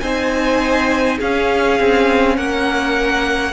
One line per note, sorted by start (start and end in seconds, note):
0.00 1.19 C4
0.00 1.20 D#4
0.00 1.18 C5
0.00 1.18 G#5
1.18 1.80 C#4
1.18 3.53 C#4
1.18 2.36 G#4
1.18 2.37 F5
1.80 2.38 C4
2.37 3.53 A#3
2.37 3.53 A#4
2.37 3.53 F#5